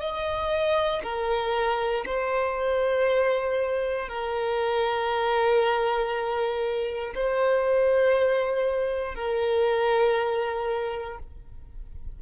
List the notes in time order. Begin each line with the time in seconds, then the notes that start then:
0.00 D#5
1.03 A#4
2.05 C5
4.09 A#4
7.15 C5
9.15 A#4